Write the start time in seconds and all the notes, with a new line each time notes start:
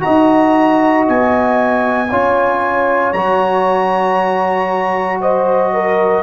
0.00 F#4 D#5 A#5
0.06 D#4
1.08 B3 G#5
2.10 C#4 F4 C#5
3.13 F#3 F#4 A#5
5.21 C5 D#5
5.74 A#4